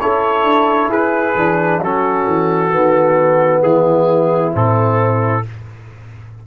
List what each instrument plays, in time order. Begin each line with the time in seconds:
0.00 tuba C#4, trombone E4, horn A4, trumpet C#5
0.42 tuba D4
0.88 tuba E4, horn G#4, trumpet B4
1.34 tuba E3, trombone D4
1.79 tuba F#3, trombone C#4, horn F#4, trumpet A4
2.27 tuba E3
2.70 tuba D#3, trombone B3
3.62 tuba E3, horn E4, trumpet G#4
4.52 tuba A2, trombone C4, trumpet A4